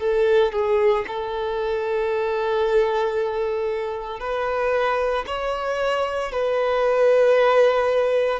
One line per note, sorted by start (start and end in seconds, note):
0.00 0.53 A4
0.53 1.05 G#4
1.08 4.20 A4
4.20 5.25 B4
5.27 6.32 C#5
6.32 8.40 B4